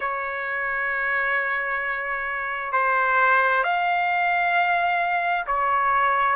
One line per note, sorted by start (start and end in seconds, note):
0.00 2.72 C#5
2.72 3.63 C5
3.63 5.45 F5
5.46 6.36 C#5